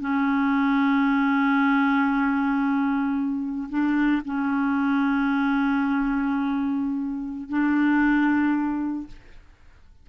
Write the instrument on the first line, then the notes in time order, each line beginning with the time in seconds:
clarinet
0.00 C#4
3.69 D4
4.25 C#4
7.49 D4